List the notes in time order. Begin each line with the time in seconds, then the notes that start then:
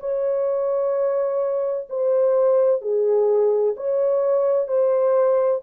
0.00 C#5
1.90 C5
2.82 G#4
3.77 C#5
4.68 C5